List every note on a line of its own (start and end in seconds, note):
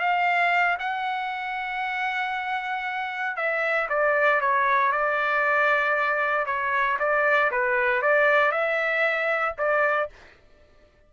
0.00 0.78 F5
0.79 3.36 F#5
3.36 3.88 E5
3.89 4.41 D5
4.41 4.92 C#5
4.92 6.46 D5
6.46 6.98 C#5
6.99 7.51 D5
7.51 8.02 B4
8.02 8.52 D5
8.52 9.55 E5
9.58 10.10 D5